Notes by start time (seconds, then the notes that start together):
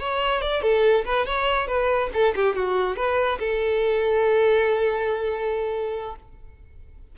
0.00 C#5
0.42 D5
0.62 A4
1.05 B4
1.27 C#5
1.68 B4
2.14 A4
2.36 G4
2.56 F#4
2.97 B4
3.40 A4